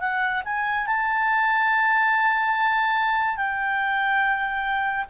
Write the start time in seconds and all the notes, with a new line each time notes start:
0.00 F#5
0.45 G#5
0.86 A5
3.36 G5